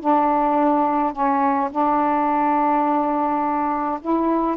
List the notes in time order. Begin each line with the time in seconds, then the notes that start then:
0.00 D4
1.12 C#4
1.71 D4
4.01 E4